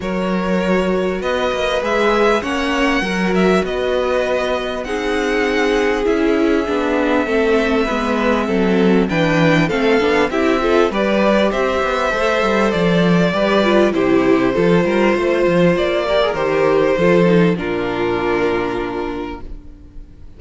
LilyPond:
<<
  \new Staff \with { instrumentName = "violin" } { \time 4/4 \tempo 4 = 99 cis''2 dis''4 e''4 | fis''4. e''8 dis''2 | fis''2 e''2~ | e''2. g''4 |
f''4 e''4 d''4 e''4~ | e''4 d''2 c''4~ | c''2 d''4 c''4~ | c''4 ais'2. | }
  \new Staff \with { instrumentName = "violin" } { \time 4/4 ais'2 b'2 | cis''4 ais'4 b'2 | gis'1 | a'4 b'4 a'4 b'4 |
a'4 g'8 a'8 b'4 c''4~ | c''2 b'4 g'4 | a'8 ais'8 c''4. ais'4. | a'4 f'2. | }
  \new Staff \with { instrumentName = "viola" } { \time 4/4 fis'2. gis'4 | cis'4 fis'2. | dis'2 e'4 d'4 | c'4 b4 c'4 d'4 |
c'8 d'8 e'8 f'8 g'2 | a'2 g'8 f'8 e'4 | f'2~ f'8 g'16 gis'16 g'4 | f'8 dis'8 d'2. | }
  \new Staff \with { instrumentName = "cello" } { \time 4/4 fis2 b8 ais8 gis4 | ais4 fis4 b2 | c'2 cis'4 b4 | a4 gis4 fis4 e4 |
a8 b8 c'4 g4 c'8 b8 | a8 g8 f4 g4 c4 | f8 g8 a8 f8 ais4 dis4 | f4 ais,2. | }
>>